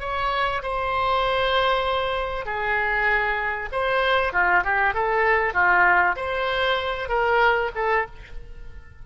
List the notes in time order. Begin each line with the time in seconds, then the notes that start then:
0.00 C#5
0.62 C5
2.45 G#4
3.72 C5
4.33 F4
4.64 G4
4.94 A4
5.54 F4
6.16 C5
7.09 A#4
7.75 A4